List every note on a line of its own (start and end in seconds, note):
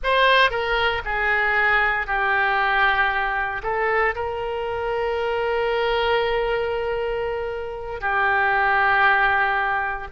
0.03 0.50 C5
0.50 1.02 A#4
1.04 2.06 G#4
2.06 3.62 G4
3.63 4.14 A4
4.15 8.00 A#4
8.00 10.07 G4